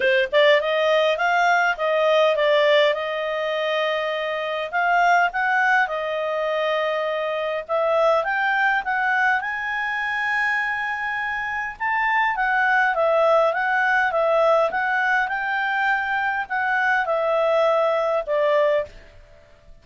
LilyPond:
\new Staff \with { instrumentName = "clarinet" } { \time 4/4 \tempo 4 = 102 c''8 d''8 dis''4 f''4 dis''4 | d''4 dis''2. | f''4 fis''4 dis''2~ | dis''4 e''4 g''4 fis''4 |
gis''1 | a''4 fis''4 e''4 fis''4 | e''4 fis''4 g''2 | fis''4 e''2 d''4 | }